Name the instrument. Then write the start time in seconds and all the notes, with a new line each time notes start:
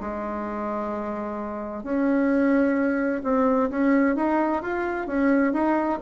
bassoon
0.00 G#3
1.83 C#4
3.23 C4
3.70 C#4
4.16 D#4
4.62 F4
5.06 C#4
5.53 D#4